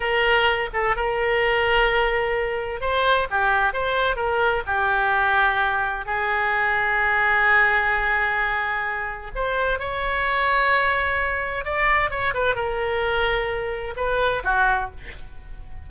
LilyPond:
\new Staff \with { instrumentName = "oboe" } { \time 4/4 \tempo 4 = 129 ais'4. a'8 ais'2~ | ais'2 c''4 g'4 | c''4 ais'4 g'2~ | g'4 gis'2.~ |
gis'1 | c''4 cis''2.~ | cis''4 d''4 cis''8 b'8 ais'4~ | ais'2 b'4 fis'4 | }